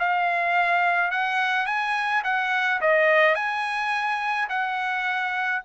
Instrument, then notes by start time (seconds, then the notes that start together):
trumpet
0.00 F5
1.11 F#5
1.66 G#5
2.24 F#5
2.81 D#5
3.35 G#5
4.49 F#5